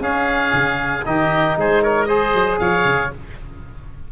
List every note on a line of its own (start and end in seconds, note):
0.00 0.51 C#4
0.00 1.03 C#4
0.00 1.05 G#4
0.00 1.05 F5
0.53 1.04 C#3
1.05 1.57 D#3
1.05 2.08 D#4
1.05 1.58 G4
1.05 1.56 D#5
1.57 2.34 G#3
1.57 1.82 G#4
1.57 1.83 C5
1.82 2.08 A#4
1.82 2.04 C#5
2.04 3.10 G#4
2.04 2.59 C5
2.04 2.56 D#5
2.34 2.59 F#3
2.59 2.84 F3
2.59 3.12 C#5
2.59 3.10 F5
2.84 3.10 C#3